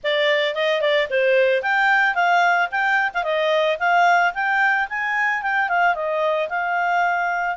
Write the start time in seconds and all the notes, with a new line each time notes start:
0.03 D5
0.55 D#5
0.81 D5
1.10 C5
1.62 G5
2.14 F5
2.71 G5
3.14 F5
3.23 D#5
3.79 F5
4.34 G5
4.89 G#5
5.42 G5
5.68 F5
5.95 D#5
6.49 F5